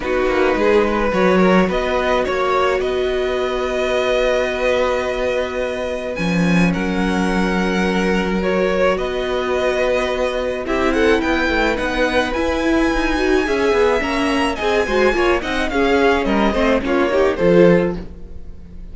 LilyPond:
<<
  \new Staff \with { instrumentName = "violin" } { \time 4/4 \tempo 4 = 107 b'2 cis''4 dis''4 | cis''4 dis''2.~ | dis''2. gis''4 | fis''2. cis''4 |
dis''2. e''8 fis''8 | g''4 fis''4 gis''2~ | gis''4 ais''4 gis''4. fis''8 | f''4 dis''4 cis''4 c''4 | }
  \new Staff \with { instrumentName = "violin" } { \time 4/4 fis'4 gis'8 b'4 ais'8 b'4 | cis''4 b'2.~ | b'1 | ais'1 |
b'2. g'8 a'8 | b'1 | e''2 dis''8 c''8 cis''8 dis''8 | gis'4 ais'8 c''8 f'8 g'8 a'4 | }
  \new Staff \with { instrumentName = "viola" } { \time 4/4 dis'2 fis'2~ | fis'1~ | fis'2. cis'4~ | cis'2. fis'4~ |
fis'2. e'4~ | e'4 dis'4 e'4. fis'8 | gis'4 cis'4 gis'8 fis'8 f'8 dis'8 | cis'4. c'8 cis'8 dis'8 f'4 | }
  \new Staff \with { instrumentName = "cello" } { \time 4/4 b8 ais8 gis4 fis4 b4 | ais4 b2.~ | b2. f4 | fis1 |
b2. c'4 | b8 a8 b4 e'4 dis'4 | cis'8 b8 ais4 c'8 gis8 ais8 c'8 | cis'4 g8 a8 ais4 f4 | }
>>